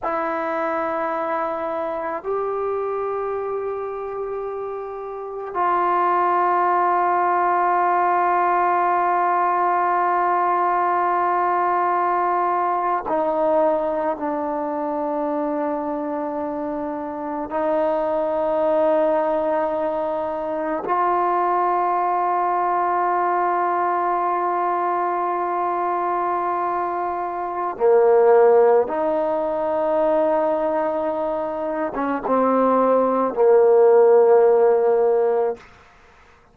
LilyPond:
\new Staff \with { instrumentName = "trombone" } { \time 4/4 \tempo 4 = 54 e'2 g'2~ | g'4 f'2.~ | f'2.~ f'8. dis'16~ | dis'8. d'2. dis'16~ |
dis'2~ dis'8. f'4~ f'16~ | f'1~ | f'4 ais4 dis'2~ | dis'8. cis'16 c'4 ais2 | }